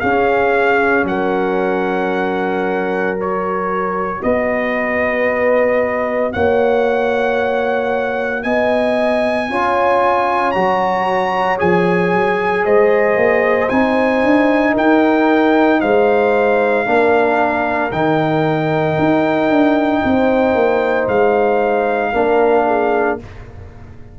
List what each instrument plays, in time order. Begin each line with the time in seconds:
0.00 tuba C#4, trombone C#4, horn G#4, trumpet F5
1.04 tuba F#3, horn A#4, trumpet F#5
3.17 trombone F#4, trumpet C#5
4.22 tuba B3, horn B4, trumpet D#5
6.33 tuba A#3, horn C#5, trumpet F#5
8.43 tuba B3, horn D#5, trumpet G#5
9.49 tuba C#4, trombone F4, horn C#5
10.52 tuba F#3, trombone F#4, trumpet A#5
11.58 tuba F3, trombone G#4, trumpet G#5
12.14 tuba F#3
12.64 tuba G#3, horn C5, trumpet D#5
13.16 tuba A#3
13.69 tuba C4, trombone D#4, trumpet G#5
14.23 tuba D4
14.74 tuba D#4, horn A#4, trumpet G5
15.81 tuba G#3, horn C5, trumpet F5
16.86 tuba A#3, trombone D4, horn A#4
17.92 tuba D#3, trombone D#4, trumpet G5
18.99 tuba D#4
19.50 tuba D4
20.04 tuba C4, horn C5
20.54 tuba A#3
21.07 tuba G#3, trumpet F5
22.12 tuba A#3, trombone D4, horn A#4
22.66 horn G#4